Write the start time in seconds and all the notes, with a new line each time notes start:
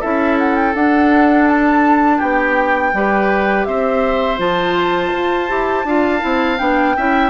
0.00 C#4 E4 A4 E5
0.38 F#5
0.55 G5
0.74 D4 F#5
1.48 A5
2.17 B3 G4 G5
2.93 G3 G4 B4
3.65 C4 C5 E5
4.38 F3 F4 A5
5.13 F4
5.48 E4 G4
5.84 D4 F4 F5
6.19 C4 E4
6.58 B3 D4 G5
6.96 C#4 E4 E5